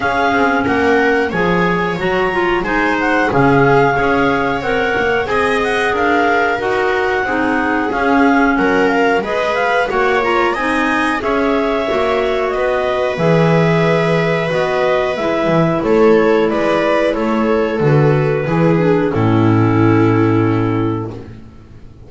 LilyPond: <<
  \new Staff \with { instrumentName = "clarinet" } { \time 4/4 \tempo 4 = 91 f''4 fis''4 gis''4 ais''4 | gis''8 fis''8 f''2 fis''4 | gis''8 fis''8 f''4 fis''2 | f''4 fis''8 f''8 dis''8 f''8 fis''8 ais''8 |
gis''4 e''2 dis''4 | e''2 dis''4 e''4 | cis''4 d''4 cis''4 b'4~ | b'4 a'2. | }
  \new Staff \with { instrumentName = "viola" } { \time 4/4 gis'4 ais'4 cis''2 | c''4 gis'4 cis''2 | dis''4 ais'2 gis'4~ | gis'4 ais'4 b'4 cis''4 |
dis''4 cis''2 b'4~ | b'1 | a'4 b'4 a'2 | gis'4 e'2. | }
  \new Staff \with { instrumentName = "clarinet" } { \time 4/4 cis'2 gis'4 fis'8 f'8 | dis'4 cis'4 gis'4 ais'4 | gis'2 fis'4 dis'4 | cis'2 gis'4 fis'8 f'8 |
dis'4 gis'4 fis'2 | gis'2 fis'4 e'4~ | e'2. fis'4 | e'8 d'8 cis'2. | }
  \new Staff \with { instrumentName = "double bass" } { \time 4/4 cis'8 c'8 ais4 f4 fis4 | gis4 cis4 cis'4 c'8 ais8 | c'4 d'4 dis'4 c'4 | cis'4 fis4 gis4 ais4 |
c'4 cis'4 ais4 b4 | e2 b4 gis8 e8 | a4 gis4 a4 d4 | e4 a,2. | }
>>